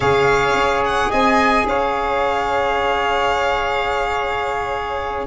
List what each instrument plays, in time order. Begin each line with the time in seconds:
0.00 tuba C#3, saxophone G#4, flute C#5, violin F5
0.53 tuba C#4
0.85 violin F#5
1.09 tuba C4, flute D#5, violin G#5
1.65 tuba C#4, flute C#5, violin F5